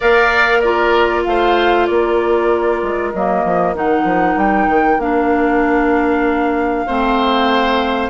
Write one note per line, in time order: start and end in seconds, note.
0.00 1.26 A#3
0.00 0.63 A#4
0.00 0.59 D5
0.00 0.61 F5
0.59 3.14 F4
0.59 1.21 A#4
0.59 1.23 D5
1.23 1.88 A3
1.23 1.89 C5
1.23 1.86 F5
1.86 2.82 A#3
1.86 6.86 A#4
1.86 3.11 D5
2.82 3.13 G#3
3.12 3.44 F#3
3.12 3.74 A#3
3.12 3.74 D#5
3.44 3.74 F3
3.74 4.04 D#3
3.74 4.99 D#4
3.74 4.38 F#5
4.04 4.35 F3
4.36 4.67 G3
4.36 5.00 G5
4.67 4.98 D#3
4.98 6.85 A#3
4.98 6.86 D4
4.98 8.10 F5
6.86 8.10 A3
6.86 8.10 C4
6.86 8.10 C5